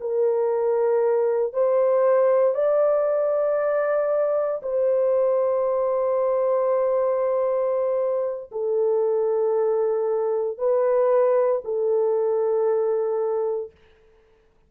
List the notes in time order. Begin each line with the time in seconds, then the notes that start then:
0.00 A#4
1.53 C5
2.54 D5
4.62 C5
8.51 A4
10.58 B4
11.64 A4